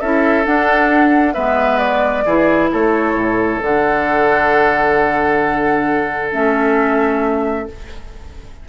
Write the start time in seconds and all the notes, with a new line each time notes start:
0.00 C#4 E4 A4 E5
0.44 D4 F#5
1.34 G#3 B3 B4 E5
1.78 D5
2.25 E3 E4 G#4
2.72 A3 A4 C#5
3.14 A2
3.61 D3 D4 F#5
6.32 A3 C#4 E5